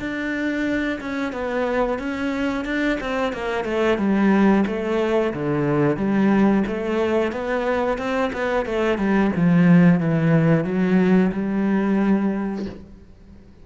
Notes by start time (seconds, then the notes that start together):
0.00 D4
1.01 C#4
1.33 B3
1.99 C#4
2.65 D4
3.01 C4
3.33 A#3
3.65 A3
3.98 G3
4.67 A3
5.34 D3
5.97 G3
6.68 A3
7.32 B3
7.98 C4
8.33 B3
8.66 A3
8.98 G3
9.36 F3
10.00 E3
10.65 F#3
11.32 G3